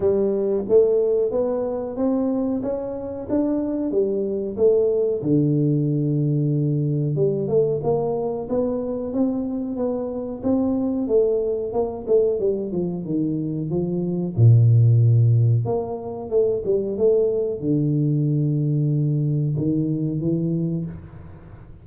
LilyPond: \new Staff \with { instrumentName = "tuba" } { \time 4/4 \tempo 4 = 92 g4 a4 b4 c'4 | cis'4 d'4 g4 a4 | d2. g8 a8 | ais4 b4 c'4 b4 |
c'4 a4 ais8 a8 g8 f8 | dis4 f4 ais,2 | ais4 a8 g8 a4 d4~ | d2 dis4 e4 | }